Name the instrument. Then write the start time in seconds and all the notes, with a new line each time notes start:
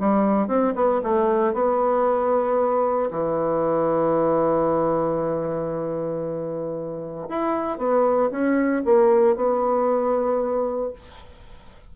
bassoon
0.00 G3
0.48 C4
0.75 B3
1.04 A3
1.54 B3
3.11 E3
7.29 E4
7.78 B3
8.31 C#4
8.85 A#3
9.36 B3